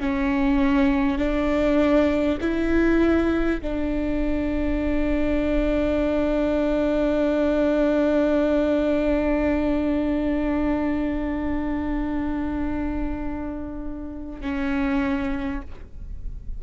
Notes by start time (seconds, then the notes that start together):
0.00 C#4
1.18 D4
2.41 E4
3.61 D4
14.42 C#4